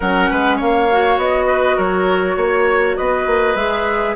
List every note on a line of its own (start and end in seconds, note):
0.00 0.30 F#3
0.00 0.90 C#4
0.00 0.29 A#4
0.00 0.59 F#5
0.30 0.61 G#3
0.30 0.56 B4
0.56 1.17 A#3
0.56 1.45 C#5
0.56 1.19 F5
0.91 3.57 F#4
1.17 1.76 B3
1.17 1.78 D#5
1.46 1.76 B4
1.76 2.36 F#3
1.76 2.35 A#4
1.76 2.96 C#5
2.36 2.95 A#3
2.36 2.96 C#5
2.96 3.26 B3
2.96 4.16 B4
2.96 3.56 D#5
3.26 3.55 A#3
3.55 4.14 G#3
3.55 4.16 G#4
3.55 4.15 E5